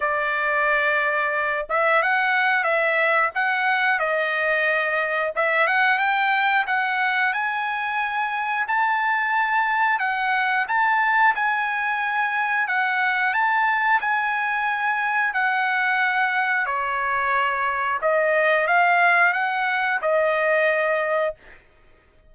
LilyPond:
\new Staff \with { instrumentName = "trumpet" } { \time 4/4 \tempo 4 = 90 d''2~ d''8 e''8 fis''4 | e''4 fis''4 dis''2 | e''8 fis''8 g''4 fis''4 gis''4~ | gis''4 a''2 fis''4 |
a''4 gis''2 fis''4 | a''4 gis''2 fis''4~ | fis''4 cis''2 dis''4 | f''4 fis''4 dis''2 | }